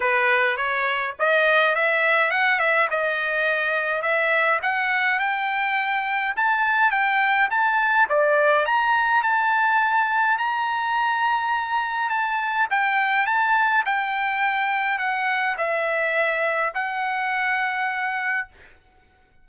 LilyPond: \new Staff \with { instrumentName = "trumpet" } { \time 4/4 \tempo 4 = 104 b'4 cis''4 dis''4 e''4 | fis''8 e''8 dis''2 e''4 | fis''4 g''2 a''4 | g''4 a''4 d''4 ais''4 |
a''2 ais''2~ | ais''4 a''4 g''4 a''4 | g''2 fis''4 e''4~ | e''4 fis''2. | }